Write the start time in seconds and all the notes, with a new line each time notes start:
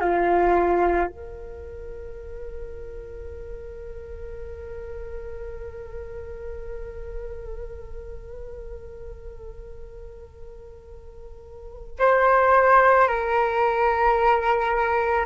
0.00 F4
1.07 A#4
11.99 C5
13.08 A#4